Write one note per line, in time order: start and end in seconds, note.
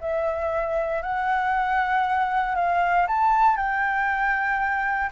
0.00 1.02 E5
1.02 2.55 F#5
2.55 3.06 F5
3.07 3.56 A5
3.56 5.10 G5